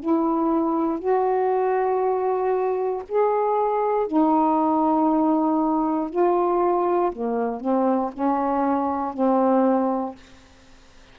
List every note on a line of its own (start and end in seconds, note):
0.00 0.99 E4
0.99 3.03 F#4
3.09 4.07 G#4
4.07 6.10 D#4
6.10 7.12 F4
7.12 7.60 A#3
7.60 8.11 C4
8.14 9.14 C#4
9.14 10.16 C4